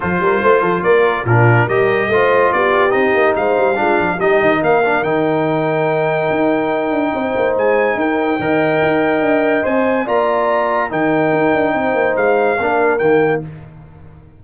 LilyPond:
<<
  \new Staff \with { instrumentName = "trumpet" } { \time 4/4 \tempo 4 = 143 c''2 d''4 ais'4 | dis''2 d''4 dis''4 | f''2 dis''4 f''4 | g''1~ |
g''2 gis''4 g''4~ | g''2. gis''4 | ais''2 g''2~ | g''4 f''2 g''4 | }
  \new Staff \with { instrumentName = "horn" } { \time 4/4 a'8 ais'8 c''8 a'8 ais'4 f'4 | ais'4 c''4 g'2 | c''4 f'4 g'4 ais'4~ | ais'1~ |
ais'4 c''2 ais'4 | dis''1 | d''2 ais'2 | c''2 ais'2 | }
  \new Staff \with { instrumentName = "trombone" } { \time 4/4 f'2. d'4 | g'4 f'2 dis'4~ | dis'4 d'4 dis'4. d'8 | dis'1~ |
dis'1 | ais'2. c''4 | f'2 dis'2~ | dis'2 d'4 ais4 | }
  \new Staff \with { instrumentName = "tuba" } { \time 4/4 f8 g8 a8 f8 ais4 ais,4 | g4 a4 b4 c'8 ais8 | gis8 g8 gis8 f8 g8 dis8 ais4 | dis2. dis'4~ |
dis'8 d'8 c'8 ais8 gis4 dis'4 | dis4 dis'4 d'4 c'4 | ais2 dis4 dis'8 d'8 | c'8 ais8 gis4 ais4 dis4 | }
>>